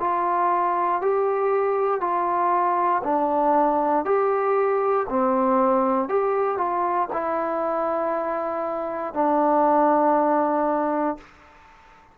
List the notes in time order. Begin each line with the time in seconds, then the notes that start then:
0.00 F4
1.02 G4
2.01 F4
3.04 D4
4.05 G4
5.10 C4
6.09 G4
6.58 F4
7.13 E4
9.14 D4